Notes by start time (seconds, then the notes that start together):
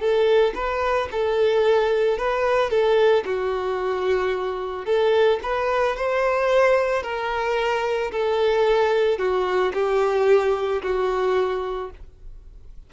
0.00 A4
0.55 B4
1.12 A4
2.18 B4
2.71 A4
3.26 F#4
4.86 A4
5.43 B4
5.97 C5
7.03 A#4
8.12 A4
9.19 F#4
9.74 G4
10.83 F#4